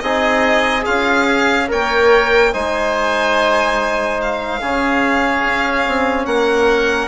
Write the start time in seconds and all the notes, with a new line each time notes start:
0.00 C4 D#4 G#4 D#5
0.82 C#4 F4 G#4 F5
1.27 G#4
1.68 A#3 A#4 C#5 G5
2.53 G#3 D#4 C5 G#5
4.21 F5
4.61 C#3 C#4 G#4
5.45 C#4
5.87 C4
6.26 A#3 A#4 F#5